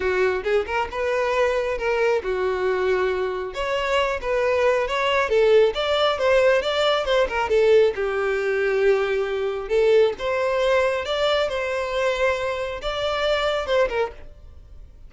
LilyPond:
\new Staff \with { instrumentName = "violin" } { \time 4/4 \tempo 4 = 136 fis'4 gis'8 ais'8 b'2 | ais'4 fis'2. | cis''4. b'4. cis''4 | a'4 d''4 c''4 d''4 |
c''8 ais'8 a'4 g'2~ | g'2 a'4 c''4~ | c''4 d''4 c''2~ | c''4 d''2 c''8 ais'8 | }